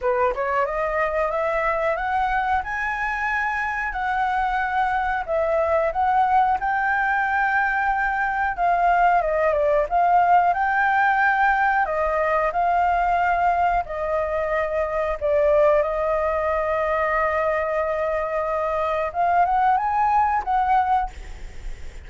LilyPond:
\new Staff \with { instrumentName = "flute" } { \time 4/4 \tempo 4 = 91 b'8 cis''8 dis''4 e''4 fis''4 | gis''2 fis''2 | e''4 fis''4 g''2~ | g''4 f''4 dis''8 d''8 f''4 |
g''2 dis''4 f''4~ | f''4 dis''2 d''4 | dis''1~ | dis''4 f''8 fis''8 gis''4 fis''4 | }